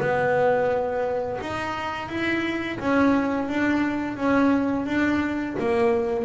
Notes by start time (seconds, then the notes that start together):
0.00 B3
1.41 D#4
2.09 E4
2.80 C#4
3.49 D4
4.17 C#4
4.86 D4
5.60 A#3